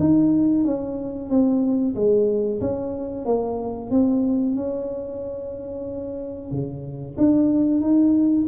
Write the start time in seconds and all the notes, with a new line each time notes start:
0.00 D#4
0.65 C#4
1.30 C4
1.95 G#3
2.61 C#4
3.25 A#3
3.91 C4
4.56 C#4
6.52 C#3
7.18 D4
7.81 D#4